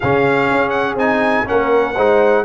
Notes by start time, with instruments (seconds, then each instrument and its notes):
0.00 tuba C#3, trombone C#4, horn G#4, trumpet F5
0.50 tuba C#4
0.69 trumpet F#5
0.95 tuba C4, trombone D#4, trumpet G#5
1.45 tuba A#3, trombone C#4, horn A#4, trumpet F#5
1.94 tuba G#3, trombone D#4, horn C5